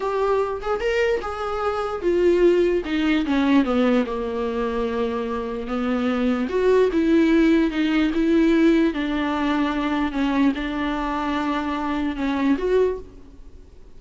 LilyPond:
\new Staff \with { instrumentName = "viola" } { \time 4/4 \tempo 4 = 148 g'4. gis'8 ais'4 gis'4~ | gis'4 f'2 dis'4 | cis'4 b4 ais2~ | ais2 b2 |
fis'4 e'2 dis'4 | e'2 d'2~ | d'4 cis'4 d'2~ | d'2 cis'4 fis'4 | }